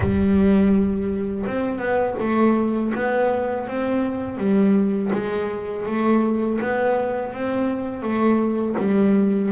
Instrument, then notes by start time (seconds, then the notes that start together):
double bass
0.00 G3
1.46 C4
1.78 B3
2.19 A3
2.95 B3
3.67 C4
4.37 G3
5.12 G#3
5.86 A3
6.61 B3
7.33 C4
8.02 A3
8.78 G3